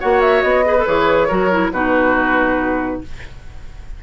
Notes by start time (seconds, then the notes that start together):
0.00 A#3 F#4 C#5 F#5
0.21 E5
0.42 B3 D#5
0.65 G#4 B4
0.78 A4
0.87 E3 G#4 C#5
1.28 F#3 F#4 A#4
1.51 E4
1.72 B2 D#4 F#4 B4